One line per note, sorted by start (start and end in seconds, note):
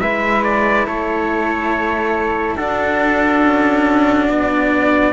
0.00 0.87 G#3
0.00 2.59 E4
0.00 0.87 B4
0.00 0.43 E5
0.44 0.86 D5
0.87 2.56 A3
0.87 2.56 A4
0.87 2.56 C#5
2.56 3.41 D4
2.56 5.13 D4
2.56 5.13 F#4
2.56 4.28 A4
3.44 4.29 C#4
4.29 5.13 B3
4.29 5.13 D5